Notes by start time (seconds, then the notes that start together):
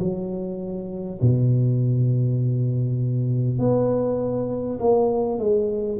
0.00 F#3
1.22 B2
3.59 B3
4.79 A#3
5.39 G#3